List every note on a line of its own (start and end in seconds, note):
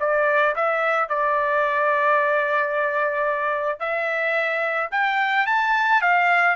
0.00 0.55 D5
0.56 1.09 E5
1.09 3.80 D5
3.80 4.90 E5
4.91 5.46 G5
5.46 6.02 A5
6.02 6.56 F5